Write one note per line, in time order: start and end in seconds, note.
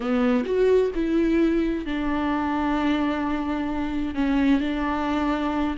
0.00 0.44 B3
0.45 0.91 F#4
0.94 1.85 E4
1.85 4.14 D4
4.14 4.60 C#4
4.60 5.76 D4